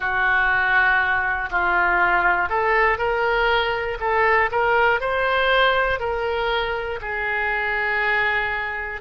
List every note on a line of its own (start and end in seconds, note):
0.00 1.49 F#4
1.50 2.49 F4
2.49 2.98 A4
2.98 3.98 A#4
4.00 4.50 A4
4.51 5.00 A#4
5.00 6.00 C5
6.00 7.00 A#4
7.00 9.00 G#4